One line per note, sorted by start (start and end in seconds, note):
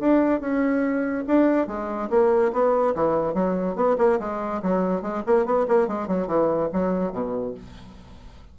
0.00 0.41 D4
0.41 1.25 C#4
1.28 1.68 D4
1.68 2.10 G#3
2.10 2.52 A#3
2.53 2.95 B3
2.95 3.34 E3
3.34 3.76 F#3
3.76 3.97 B3
3.98 4.19 A#3
4.20 4.62 G#3
4.63 5.02 F#3
5.02 5.23 G#3
5.27 5.46 A#3
5.46 5.67 B3
5.68 5.88 A#3
5.88 6.08 G#3
6.08 6.28 F#3
6.28 6.70 E3
6.73 7.13 F#3
7.13 7.54 B2